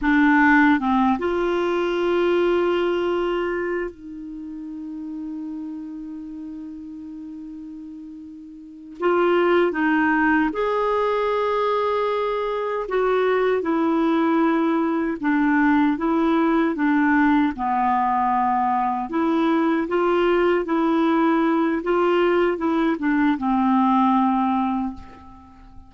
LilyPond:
\new Staff \with { instrumentName = "clarinet" } { \time 4/4 \tempo 4 = 77 d'4 c'8 f'2~ f'8~ | f'4 dis'2.~ | dis'2.~ dis'8 f'8~ | f'8 dis'4 gis'2~ gis'8~ |
gis'8 fis'4 e'2 d'8~ | d'8 e'4 d'4 b4.~ | b8 e'4 f'4 e'4. | f'4 e'8 d'8 c'2 | }